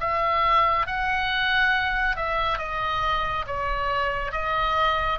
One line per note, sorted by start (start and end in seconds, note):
0.00 0.87 E5
0.87 2.16 F#5
2.16 2.58 E5
2.58 3.45 D#5
3.46 4.32 C#5
4.32 5.19 D#5